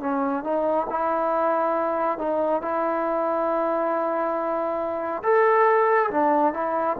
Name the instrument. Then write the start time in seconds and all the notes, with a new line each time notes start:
trombone
0.00 C#4
0.43 D#4
0.90 E4
2.18 D#4
2.61 E4
5.23 A4
6.10 D4
6.53 E4